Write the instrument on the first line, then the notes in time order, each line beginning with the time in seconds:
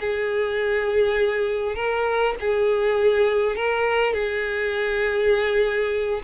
violin
0.00 G#4
1.76 A#4
2.40 G#4
3.56 A#4
4.13 G#4